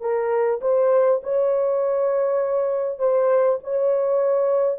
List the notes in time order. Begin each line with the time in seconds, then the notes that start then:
0.00 A#4
0.61 C5
1.23 C#5
2.98 C5
3.63 C#5